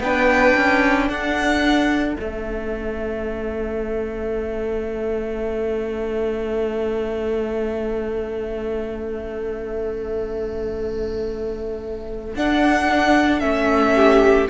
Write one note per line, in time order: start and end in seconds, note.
0.00 0.54 B3
0.00 2.18 D4
0.00 1.09 B4
0.00 1.09 G5
0.56 1.09 C#4
1.09 2.17 D4
1.09 13.95 A4
1.09 2.15 F#5
2.15 12.35 A3
2.15 12.36 C#4
2.15 12.33 E5
12.35 13.42 D4
12.35 13.41 D4
12.35 13.40 F#5
13.40 14.49 A3
13.40 14.48 C#4
13.40 14.47 E5
13.96 14.49 G4